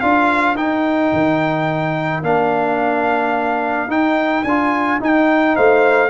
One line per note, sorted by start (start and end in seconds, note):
0.00 0.55 D4
0.00 0.56 F4
0.00 5.55 A#4
0.00 0.56 F5
0.55 1.11 D#4
0.55 2.23 D#4
0.55 2.23 G5
1.12 2.22 D#3
2.22 3.87 A#3
2.22 3.89 D4
2.22 3.91 F5
3.87 4.43 D#4
3.87 4.44 D#4
3.87 4.44 G5
4.43 4.99 D4
4.43 5.00 F4
4.43 4.99 G#5
5.00 6.10 D#4
5.00 5.56 D#4
5.00 5.56 G5
5.55 6.10 A3
5.55 6.10 C5
5.55 6.10 F5